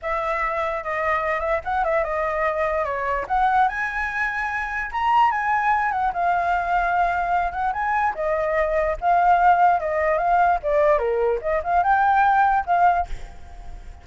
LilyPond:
\new Staff \with { instrumentName = "flute" } { \time 4/4 \tempo 4 = 147 e''2 dis''4. e''8 | fis''8 e''8 dis''2 cis''4 | fis''4 gis''2. | ais''4 gis''4. fis''8 f''4~ |
f''2~ f''8 fis''8 gis''4 | dis''2 f''2 | dis''4 f''4 d''4 ais'4 | dis''8 f''8 g''2 f''4 | }